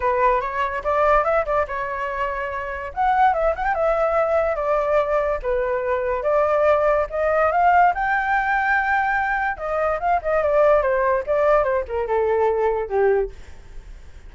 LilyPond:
\new Staff \with { instrumentName = "flute" } { \time 4/4 \tempo 4 = 144 b'4 cis''4 d''4 e''8 d''8 | cis''2. fis''4 | e''8 fis''16 g''16 e''2 d''4~ | d''4 b'2 d''4~ |
d''4 dis''4 f''4 g''4~ | g''2. dis''4 | f''8 dis''8 d''4 c''4 d''4 | c''8 ais'8 a'2 g'4 | }